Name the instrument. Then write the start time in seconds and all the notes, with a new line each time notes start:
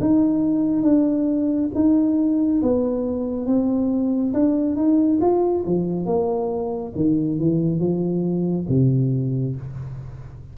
tuba
0.00 D#4
0.82 D4
1.74 D#4
2.62 B3
3.46 C4
4.33 D4
4.75 D#4
5.21 F4
5.65 F3
6.06 A#3
6.95 D#3
7.39 E3
7.79 F3
8.68 C3